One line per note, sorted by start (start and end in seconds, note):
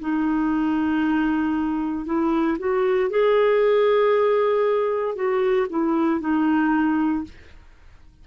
0.00 2.05 D#4
2.05 2.57 E4
2.59 3.10 F#4
3.10 5.15 G#4
5.15 5.67 F#4
5.69 6.20 E4
6.20 7.24 D#4